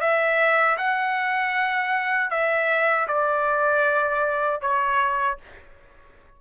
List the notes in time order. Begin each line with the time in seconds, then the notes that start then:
0.00 E5
0.77 F#5
2.30 E5
3.07 D5
4.61 C#5